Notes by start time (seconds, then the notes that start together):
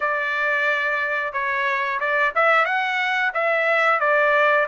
0.00 D5
1.32 C#5
1.99 D5
2.35 E5
2.65 F#5
3.34 E5
4.00 D5